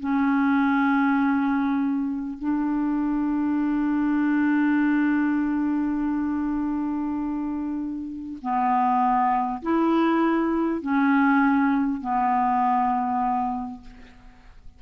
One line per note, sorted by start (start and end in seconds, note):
0.00 2.39 C#4
2.39 8.39 D4
8.42 9.62 B3
9.62 10.82 E4
10.82 12.01 C#4
12.01 13.81 B3